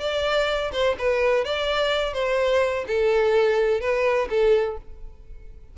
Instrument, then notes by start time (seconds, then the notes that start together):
violin
0.00 D5
0.72 C5
0.99 B4
1.45 D5
2.13 C5
2.87 A4
3.81 B4
4.30 A4